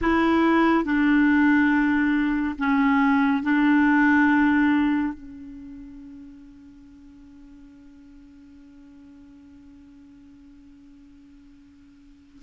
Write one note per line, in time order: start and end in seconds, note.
0.01 0.84 E4
0.84 2.55 D4
2.58 3.42 C#4
3.42 5.14 D4
5.14 12.42 C#4